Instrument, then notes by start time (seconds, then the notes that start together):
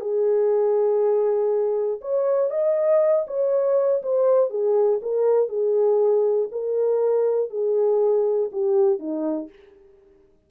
horn
0.00 G#4
2.01 C#5
2.50 D#5
3.27 C#5
4.02 C5
4.50 G#4
5.01 A#4
5.48 G#4
6.51 A#4
7.50 G#4
8.52 G4
8.99 D#4